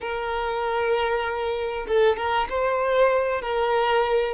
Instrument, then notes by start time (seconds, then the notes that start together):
violin
0.00 A#4
1.87 A4
2.16 A#4
2.49 C5
3.41 A#4